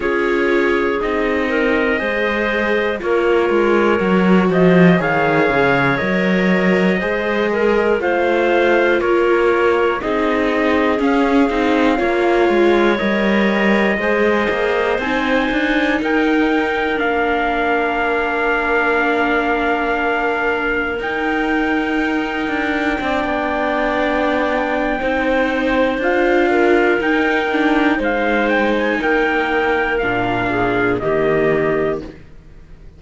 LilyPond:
<<
  \new Staff \with { instrumentName = "trumpet" } { \time 4/4 \tempo 4 = 60 cis''4 dis''2 cis''4~ | cis''8 dis''8 f''4 dis''2 | f''4 cis''4 dis''4 f''4~ | f''4 dis''2 gis''4 |
g''4 f''2.~ | f''4 g''2.~ | g''2 f''4 g''4 | f''8 g''16 gis''16 g''4 f''4 dis''4 | }
  \new Staff \with { instrumentName = "clarinet" } { \time 4/4 gis'4. ais'8 c''4 ais'4~ | ais'8 c''8 cis''2 c''8 ais'8 | c''4 ais'4 gis'2 | cis''2 c''2 |
ais'1~ | ais'2. d''4~ | d''4 c''4. ais'4. | c''4 ais'4. gis'8 g'4 | }
  \new Staff \with { instrumentName = "viola" } { \time 4/4 f'4 dis'4 gis'4 f'4 | fis'4 gis'4 ais'4 gis'4 | f'2 dis'4 cis'8 dis'8 | f'4 ais'4 gis'4 dis'4~ |
dis'4 d'2.~ | d'4 dis'2 d'4~ | d'4 dis'4 f'4 dis'8 d'8 | dis'2 d'4 ais4 | }
  \new Staff \with { instrumentName = "cello" } { \time 4/4 cis'4 c'4 gis4 ais8 gis8 | fis8 f8 dis8 cis8 fis4 gis4 | a4 ais4 c'4 cis'8 c'8 | ais8 gis8 g4 gis8 ais8 c'8 d'8 |
dis'4 ais2.~ | ais4 dis'4. d'8 c'16 b8.~ | b4 c'4 d'4 dis'4 | gis4 ais4 ais,4 dis4 | }
>>